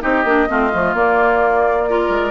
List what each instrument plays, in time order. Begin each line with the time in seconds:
0.00 bassoon C4, clarinet D#4, oboe G4, flute D#5
0.24 bassoon A#3, clarinet D4
0.48 bassoon A3, clarinet C4, oboe F4
0.73 bassoon F3, clarinet A3
0.94 bassoon A#3, clarinet A#3, flute D5
1.88 clarinet F4, oboe A#4
2.09 bassoon G#3